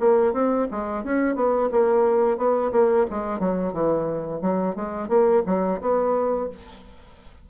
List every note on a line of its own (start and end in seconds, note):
0.00 0.33 A#3
0.33 0.68 C4
0.71 1.04 G#3
1.04 1.35 C#4
1.35 1.70 B3
1.72 2.38 A#3
2.38 2.72 B3
2.72 3.06 A#3
3.11 3.40 G#3
3.40 3.73 F#3
3.73 4.41 E3
4.42 4.75 F#3
4.75 5.09 G#3
5.09 5.43 A#3
5.47 5.81 F#3
5.81 6.49 B3